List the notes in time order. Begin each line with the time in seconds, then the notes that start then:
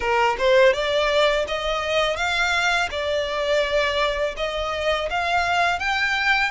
0.00 A#4
0.38 C5
0.73 D5
1.47 D#5
2.16 F5
2.90 D5
4.36 D#5
5.10 F5
5.79 G5